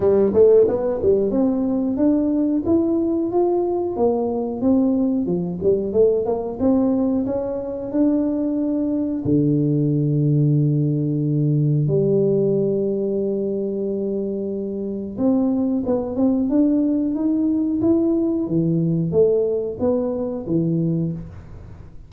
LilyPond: \new Staff \with { instrumentName = "tuba" } { \time 4/4 \tempo 4 = 91 g8 a8 b8 g8 c'4 d'4 | e'4 f'4 ais4 c'4 | f8 g8 a8 ais8 c'4 cis'4 | d'2 d2~ |
d2 g2~ | g2. c'4 | b8 c'8 d'4 dis'4 e'4 | e4 a4 b4 e4 | }